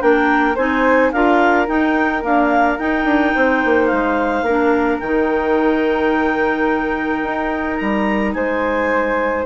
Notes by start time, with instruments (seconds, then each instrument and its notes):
0.00 bassoon A#3, clarinet D4 G5, flute A#4
0.55 bassoon C4, clarinet D#4 G#5, flute C5
1.12 bassoon D4, clarinet F4 F5, flute A#4
1.67 clarinet D#4 G5, bassoon D#4
2.22 clarinet A#3 F5, bassoon D4
2.79 bassoon D#4, clarinet D#4 G5
3.05 bassoon D4
3.34 bassoon C4, flute C5
3.65 bassoon A#3
3.87 bassoon G#3, clarinet F5
4.42 bassoon A#3, clarinet D4, flute A#4
4.99 bassoon D#3, clarinet D#4 G5
7.23 bassoon D#4
7.77 bassoon G3, clarinet A#5
8.33 bassoon G#3, flute C5, clarinet G#5